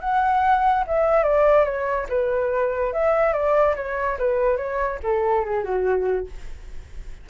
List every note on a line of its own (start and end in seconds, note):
0.00 0.84 F#5
0.86 1.23 E5
1.23 1.64 D5
1.64 2.06 C#5
2.08 2.92 B4
2.93 3.33 E5
3.33 3.75 D5
3.76 4.17 C#5
4.18 4.57 B4
4.57 4.99 C#5
5.03 5.45 A4
5.45 5.63 G#4
5.63 6.26 F#4